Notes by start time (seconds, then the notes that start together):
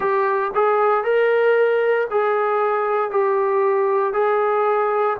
0.00 G4
0.54 G#4
1.03 A#4
2.10 G#4
3.10 G4
4.13 G#4